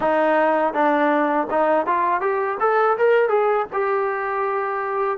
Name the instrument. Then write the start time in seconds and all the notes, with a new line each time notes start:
trombone
0.00 D#4
0.73 D4
1.50 D#4
1.86 F4
2.21 G4
2.60 A4
2.97 A#4
3.29 G#4
3.72 G4